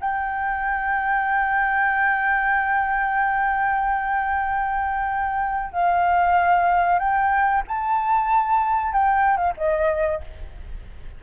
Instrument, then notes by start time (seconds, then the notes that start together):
flute
0.00 G5
5.72 F5
6.98 G5
7.67 A5
8.92 G5
9.37 F5
9.57 D#5